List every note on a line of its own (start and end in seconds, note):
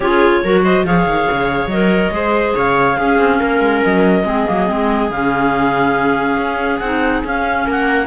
0.00 0.42 C#4
0.00 0.44 F4
0.00 0.42 G#4
0.00 0.63 C#5
0.43 0.83 F#3
0.43 0.85 F#4
0.43 0.64 A#4
0.64 0.85 C5
0.64 0.85 D#5
0.83 1.05 F3
0.83 1.70 G#4
0.83 2.14 C#5
0.83 1.68 F5
1.05 1.27 D#3
1.30 1.66 C#3
1.66 2.09 F#3
1.66 2.54 D#5
1.72 2.11 A#4
2.11 2.54 G#3
2.11 2.97 G#4
2.11 2.55 C5
2.55 2.98 C#3
2.55 2.97 C#5
2.55 3.84 F5
2.97 3.18 C#4
2.97 4.25 C#4
2.97 3.39 G#4
3.18 3.40 C4
3.39 3.59 A#3
3.39 4.24 A#4
3.59 3.81 G#3
3.84 4.23 F#3
3.84 5.10 D#5
4.23 4.45 G#3
4.23 4.46 C4
4.23 7.64 G#4
4.46 4.69 F#3
4.46 4.67 A#3
4.67 5.09 G#3
4.67 5.09 C4
5.09 6.37 C#3
5.09 6.82 C#4
5.09 6.79 F5
6.37 6.79 C#4
6.79 7.23 C4
6.79 7.25 D#4
6.79 7.21 F#5
7.23 7.66 C#4
7.23 8.07 C#4
7.23 7.68 F5
7.66 8.07 A#3
7.66 8.07 A#4
7.66 8.07 F#5